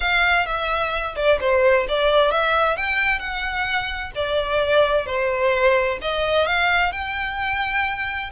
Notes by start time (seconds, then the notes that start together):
0.00 F5
0.46 E5
1.16 D5
1.40 C5
1.88 D5
2.31 E5
2.76 G5
3.19 F#5
4.15 D5
5.06 C5
6.01 D#5
6.46 F5
6.92 G5